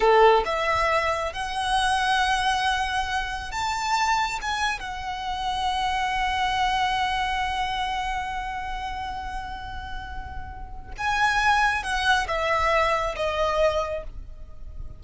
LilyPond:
\new Staff \with { instrumentName = "violin" } { \time 4/4 \tempo 4 = 137 a'4 e''2 fis''4~ | fis''1 | a''2 gis''4 fis''4~ | fis''1~ |
fis''1~ | fis''1~ | fis''4 gis''2 fis''4 | e''2 dis''2 | }